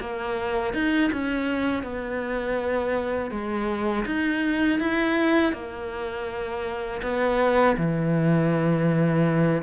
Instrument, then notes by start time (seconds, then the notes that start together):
cello
0.00 A#3
0.73 D#4
1.12 C#4
1.83 B3
3.31 G#3
4.05 D#4
4.79 E4
5.53 A#3
7.02 B3
7.77 E3